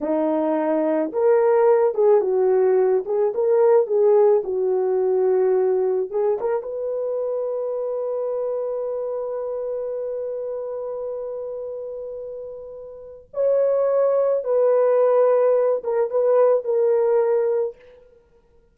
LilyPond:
\new Staff \with { instrumentName = "horn" } { \time 4/4 \tempo 4 = 108 dis'2 ais'4. gis'8 | fis'4. gis'8 ais'4 gis'4 | fis'2. gis'8 ais'8 | b'1~ |
b'1~ | b'1 | cis''2 b'2~ | b'8 ais'8 b'4 ais'2 | }